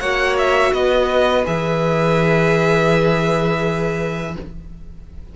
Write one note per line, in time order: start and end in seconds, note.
0.00 0.73 A#3
0.00 1.45 F#4
0.00 0.72 C#5
0.00 0.36 F#5
0.38 0.73 E5
0.73 1.45 B3
0.73 4.36 B4
0.73 1.45 D#5
1.45 4.36 E3
1.45 4.34 G#4
1.45 4.36 E5